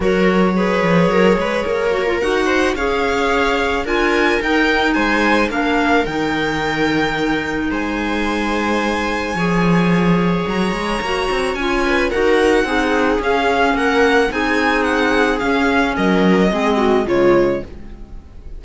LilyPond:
<<
  \new Staff \with { instrumentName = "violin" } { \time 4/4 \tempo 4 = 109 cis''1 | fis''4 f''2 gis''4 | g''4 gis''4 f''4 g''4~ | g''2 gis''2~ |
gis''2. ais''4~ | ais''4 gis''4 fis''2 | f''4 fis''4 gis''4 fis''4 | f''4 dis''2 cis''4 | }
  \new Staff \with { instrumentName = "viola" } { \time 4/4 ais'4 b'4 ais'8 b'8 ais'4~ | ais'8 c''8 cis''2 ais'4~ | ais'4 c''4 ais'2~ | ais'2 c''2~ |
c''4 cis''2.~ | cis''4. b'8 ais'4 gis'4~ | gis'4 ais'4 gis'2~ | gis'4 ais'4 gis'8 fis'8 f'4 | }
  \new Staff \with { instrumentName = "clarinet" } { \time 4/4 fis'4 gis'2~ gis'8 fis'16 f'16 | fis'4 gis'2 f'4 | dis'2 d'4 dis'4~ | dis'1~ |
dis'4 gis'2. | fis'4 f'4 fis'4 dis'4 | cis'2 dis'2 | cis'2 c'4 gis4 | }
  \new Staff \with { instrumentName = "cello" } { \time 4/4 fis4. f8 fis8 gis8 ais4 | dis'4 cis'2 d'4 | dis'4 gis4 ais4 dis4~ | dis2 gis2~ |
gis4 f2 fis8 gis8 | ais8 c'8 cis'4 dis'4 c'4 | cis'4 ais4 c'2 | cis'4 fis4 gis4 cis4 | }
>>